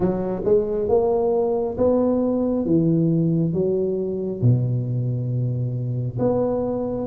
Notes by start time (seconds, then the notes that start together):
0.00 F#3
0.44 G#3
0.88 A#3
1.77 B3
2.65 E3
3.53 F#3
4.41 B2
6.18 B3